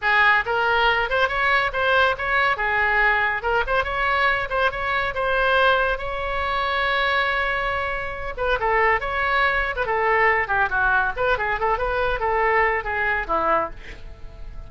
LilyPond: \new Staff \with { instrumentName = "oboe" } { \time 4/4 \tempo 4 = 140 gis'4 ais'4. c''8 cis''4 | c''4 cis''4 gis'2 | ais'8 c''8 cis''4. c''8 cis''4 | c''2 cis''2~ |
cis''2.~ cis''8 b'8 | a'4 cis''4.~ cis''16 b'16 a'4~ | a'8 g'8 fis'4 b'8 gis'8 a'8 b'8~ | b'8 a'4. gis'4 e'4 | }